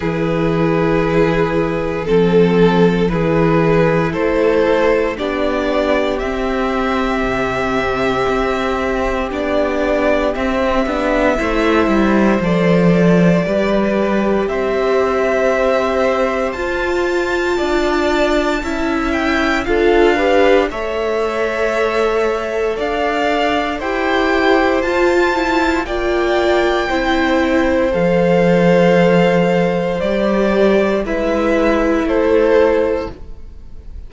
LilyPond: <<
  \new Staff \with { instrumentName = "violin" } { \time 4/4 \tempo 4 = 58 b'2 a'4 b'4 | c''4 d''4 e''2~ | e''4 d''4 e''2 | d''2 e''2 |
a''2~ a''8 g''8 f''4 | e''2 f''4 g''4 | a''4 g''2 f''4~ | f''4 d''4 e''4 c''4 | }
  \new Staff \with { instrumentName = "violin" } { \time 4/4 gis'2 a'4 gis'4 | a'4 g'2.~ | g'2. c''4~ | c''4 b'4 c''2~ |
c''4 d''4 e''4 a'8 b'8 | cis''2 d''4 c''4~ | c''4 d''4 c''2~ | c''2 b'4 a'4 | }
  \new Staff \with { instrumentName = "viola" } { \time 4/4 e'2 c'4 e'4~ | e'4 d'4 c'2~ | c'4 d'4 c'8 d'8 e'4 | a'4 g'2. |
f'2 e'4 f'8 g'8 | a'2. g'4 | f'8 e'8 f'4 e'4 a'4~ | a'4 g'4 e'2 | }
  \new Staff \with { instrumentName = "cello" } { \time 4/4 e2 f4 e4 | a4 b4 c'4 c4 | c'4 b4 c'8 b8 a8 g8 | f4 g4 c'2 |
f'4 d'4 cis'4 d'4 | a2 d'4 e'4 | f'4 ais4 c'4 f4~ | f4 g4 gis4 a4 | }
>>